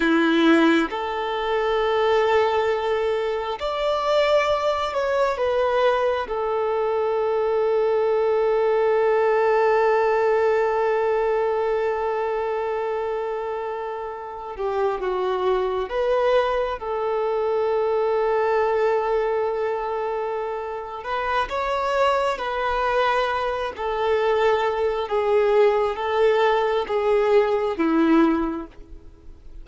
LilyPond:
\new Staff \with { instrumentName = "violin" } { \time 4/4 \tempo 4 = 67 e'4 a'2. | d''4. cis''8 b'4 a'4~ | a'1~ | a'1~ |
a'16 g'8 fis'4 b'4 a'4~ a'16~ | a'2.~ a'8 b'8 | cis''4 b'4. a'4. | gis'4 a'4 gis'4 e'4 | }